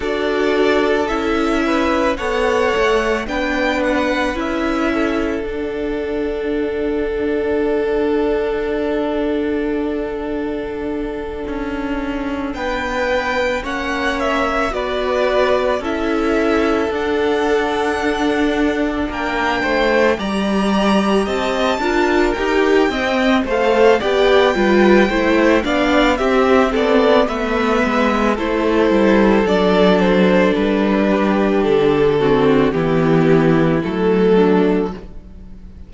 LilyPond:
<<
  \new Staff \with { instrumentName = "violin" } { \time 4/4 \tempo 4 = 55 d''4 e''4 fis''4 g''8 fis''8 | e''4 fis''2.~ | fis''2.~ fis''8 g''8~ | g''8 fis''8 e''8 d''4 e''4 fis''8~ |
fis''4. g''4 ais''4 a''8~ | a''8 g''4 f''8 g''4. f''8 | e''8 d''8 e''4 c''4 d''8 c''8 | b'4 a'4 g'4 a'4 | }
  \new Staff \with { instrumentName = "violin" } { \time 4/4 a'4. b'8 cis''4 b'4~ | b'8 a'2.~ a'8~ | a'2.~ a'8 b'8~ | b'8 cis''4 b'4 a'4.~ |
a'4. ais'8 c''8 d''4 dis''8 | ais'4 dis''8 c''8 d''8 b'8 c''8 d''8 | g'8 a'8 b'4 a'2~ | a'8 g'4 fis'8 e'4. d'8 | }
  \new Staff \with { instrumentName = "viola" } { \time 4/4 fis'4 e'4 a'4 d'4 | e'4 d'2.~ | d'1~ | d'8 cis'4 fis'4 e'4 d'8~ |
d'2~ d'8 g'4. | f'8 g'8 c'8 a'8 g'8 f'8 e'8 d'8 | c'4 b4 e'4 d'4~ | d'4. c'8 b4 a4 | }
  \new Staff \with { instrumentName = "cello" } { \time 4/4 d'4 cis'4 b8 a8 b4 | cis'4 d'2.~ | d'2~ d'8 cis'4 b8~ | b8 ais4 b4 cis'4 d'8~ |
d'4. ais8 a8 g4 c'8 | d'8 dis'8 c'8 a8 b8 g8 a8 b8 | c'8 b8 a8 gis8 a8 g8 fis4 | g4 d4 e4 fis4 | }
>>